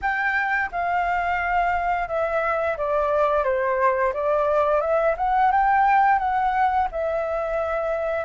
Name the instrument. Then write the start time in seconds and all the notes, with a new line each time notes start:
flute
0.01 G5
0.71 F5
2.08 E5
2.77 D5
3.44 C5
4.13 D5
4.81 E5
5.17 F#5
5.51 G5
6.18 F#5
6.91 E5